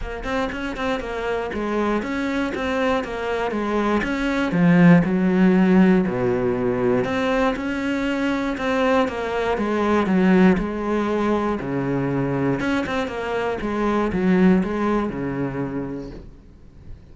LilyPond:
\new Staff \with { instrumentName = "cello" } { \time 4/4 \tempo 4 = 119 ais8 c'8 cis'8 c'8 ais4 gis4 | cis'4 c'4 ais4 gis4 | cis'4 f4 fis2 | b,2 c'4 cis'4~ |
cis'4 c'4 ais4 gis4 | fis4 gis2 cis4~ | cis4 cis'8 c'8 ais4 gis4 | fis4 gis4 cis2 | }